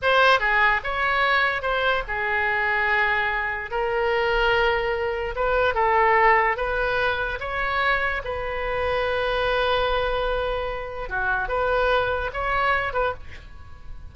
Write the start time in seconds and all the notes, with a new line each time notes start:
0.01 C5
0.39 G#4
0.83 C#5
1.62 C5
2.07 G#4
3.70 A#4
5.35 B4
5.74 A4
6.56 B4
7.40 C#5
8.24 B4
11.09 F#4
11.48 B4
12.33 C#5
12.93 B4